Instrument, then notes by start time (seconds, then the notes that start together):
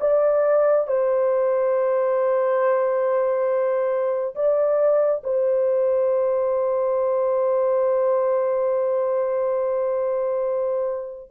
horn
0.00 D5
0.87 C5
4.35 D5
5.23 C5